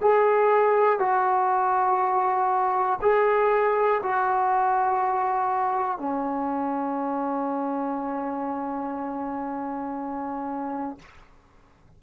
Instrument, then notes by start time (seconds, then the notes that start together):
trombone
0.00 G#4
0.99 F#4
3.01 G#4
4.02 F#4
5.98 C#4